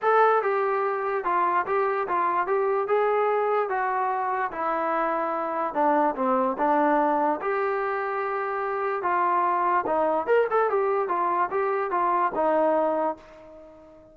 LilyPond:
\new Staff \with { instrumentName = "trombone" } { \time 4/4 \tempo 4 = 146 a'4 g'2 f'4 | g'4 f'4 g'4 gis'4~ | gis'4 fis'2 e'4~ | e'2 d'4 c'4 |
d'2 g'2~ | g'2 f'2 | dis'4 ais'8 a'8 g'4 f'4 | g'4 f'4 dis'2 | }